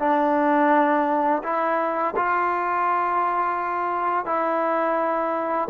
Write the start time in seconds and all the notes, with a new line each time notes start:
0.00 D4
1.43 E4
2.16 F4
4.26 E4